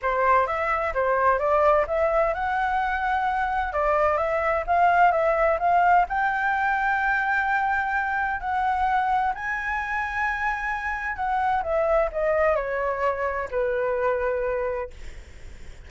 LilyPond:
\new Staff \with { instrumentName = "flute" } { \time 4/4 \tempo 4 = 129 c''4 e''4 c''4 d''4 | e''4 fis''2. | d''4 e''4 f''4 e''4 | f''4 g''2.~ |
g''2 fis''2 | gis''1 | fis''4 e''4 dis''4 cis''4~ | cis''4 b'2. | }